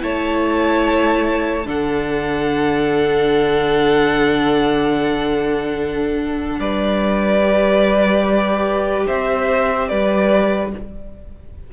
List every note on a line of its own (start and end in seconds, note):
0.00 1.67 A3
0.00 1.64 E4
0.00 1.67 C#5
0.00 1.68 A5
1.65 6.60 D3
1.65 7.40 D4
1.65 6.60 A4
1.65 6.60 F#5
6.60 9.06 G3
6.60 9.07 B4
6.60 9.07 D5
7.42 10.71 G4
9.07 9.91 C4
9.07 9.89 C5
9.07 9.89 E5
9.89 10.73 G3
9.89 10.72 B4
9.89 10.71 D5